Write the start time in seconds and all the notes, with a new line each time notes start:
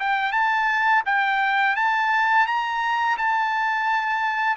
0.00 G5
0.32 A5
1.06 G5
1.76 A5
2.47 A#5
3.18 A5